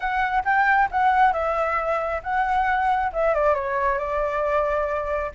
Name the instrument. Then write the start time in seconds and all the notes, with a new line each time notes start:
flute
0.00 F#5
0.44 G5
0.91 F#5
1.32 E5
2.23 F#5
3.12 E5
3.34 D5
3.54 C#5
3.98 D5